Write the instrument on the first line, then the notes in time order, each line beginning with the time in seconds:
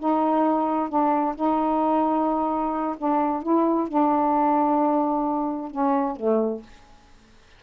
saxophone
0.00 D#4
0.90 D4
1.36 D#4
2.98 D4
3.43 E4
3.89 D4
5.71 C#4
6.17 A3